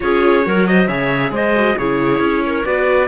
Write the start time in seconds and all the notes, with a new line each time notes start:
0.00 C#4 F4 G#4 C#5
0.42 F#3 F#4 A#4
0.66 C5 D#5
0.87 C#3 G#4 C#5 E5
1.30 G#3 C5 D#5
1.55 F#4
1.76 C#3 E4 G#4 C#5
2.19 C#4
2.46 A#4
2.64 B3 F#4 B4 D5